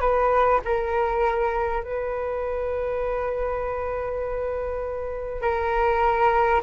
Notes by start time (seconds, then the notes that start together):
0.00 B4
0.64 A#4
1.83 B4
5.41 A#4